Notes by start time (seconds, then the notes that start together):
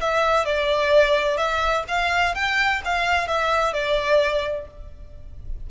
0.00 E5
0.45 D5
1.37 E5
1.88 F5
2.35 G5
2.85 F5
3.27 E5
3.73 D5